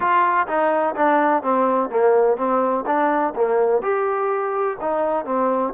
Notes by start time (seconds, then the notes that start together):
0.00 F4
0.47 D#4
0.95 D4
1.42 C4
1.89 A#3
2.37 C4
2.86 D4
3.35 A#3
3.81 G4
4.81 D#4
5.25 C4